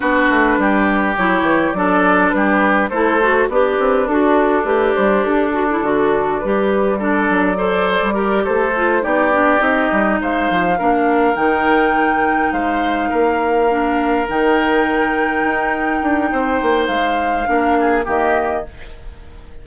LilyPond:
<<
  \new Staff \with { instrumentName = "flute" } { \time 4/4 \tempo 4 = 103 b'2 cis''4 d''4 | b'4 c''4 b'4 a'4 | b'8 c''8 a'2 b'4 | d''2~ d''8 c''4 d''8~ |
d''8 dis''4 f''2 g''8~ | g''4. f''2~ f''8~ | f''8 g''2.~ g''8~ | g''4 f''2 dis''4 | }
  \new Staff \with { instrumentName = "oboe" } { \time 4/4 fis'4 g'2 a'4 | g'4 a'4 d'2~ | d'1 | a'4 c''4 ais'8 a'4 g'8~ |
g'4. c''4 ais'4.~ | ais'4. c''4 ais'4.~ | ais'1 | c''2 ais'8 gis'8 g'4 | }
  \new Staff \with { instrumentName = "clarinet" } { \time 4/4 d'2 e'4 d'4~ | d'4 e'8 fis'8 g'4 fis'4 | g'4. fis'16 e'16 fis'4 g'4 | d'4 a'4 g'4 f'8 dis'8 |
d'8 dis'2 d'4 dis'8~ | dis'2.~ dis'8 d'8~ | d'8 dis'2.~ dis'8~ | dis'2 d'4 ais4 | }
  \new Staff \with { instrumentName = "bassoon" } { \time 4/4 b8 a8 g4 fis8 e8 fis4 | g4 a4 b8 c'8 d'4 | a8 g8 d'4 d4 g4~ | g8 fis4~ fis16 g8. a4 b8~ |
b8 c'8 g8 gis8 f8 ais4 dis8~ | dis4. gis4 ais4.~ | ais8 dis2 dis'4 d'8 | c'8 ais8 gis4 ais4 dis4 | }
>>